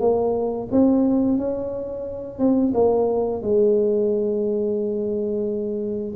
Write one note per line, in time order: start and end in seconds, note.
0.00 0.68 A#3
0.72 1.38 C4
1.38 2.39 C#4
2.39 2.73 C4
2.74 3.42 A#3
3.42 6.15 G#3